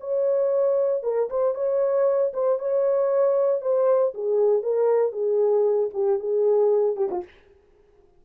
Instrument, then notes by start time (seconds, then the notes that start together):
horn
0.00 C#5
1.03 A#4
1.29 C5
1.54 C#5
2.33 C5
2.59 C#5
3.61 C5
4.14 G#4
4.62 A#4
5.12 G#4
5.93 G4
6.19 G#4
6.96 G4
7.11 F4